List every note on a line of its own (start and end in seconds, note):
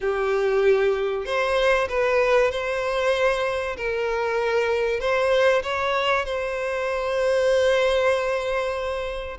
0.00 1.25 G4
1.25 1.88 C5
1.89 2.51 B4
2.51 3.76 C5
3.77 5.00 A#4
5.00 5.62 C5
5.62 6.25 C#5
6.25 9.37 C5